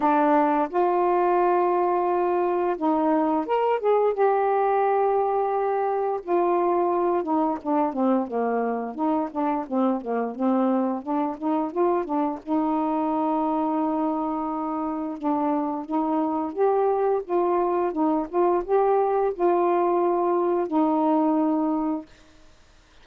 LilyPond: \new Staff \with { instrumentName = "saxophone" } { \time 4/4 \tempo 4 = 87 d'4 f'2. | dis'4 ais'8 gis'8 g'2~ | g'4 f'4. dis'8 d'8 c'8 | ais4 dis'8 d'8 c'8 ais8 c'4 |
d'8 dis'8 f'8 d'8 dis'2~ | dis'2 d'4 dis'4 | g'4 f'4 dis'8 f'8 g'4 | f'2 dis'2 | }